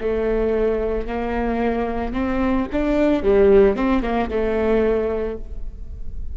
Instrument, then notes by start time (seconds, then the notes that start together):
viola
0.00 A3
1.07 A#3
2.13 C4
2.72 D4
3.23 G3
3.76 C4
4.02 A#3
4.30 A3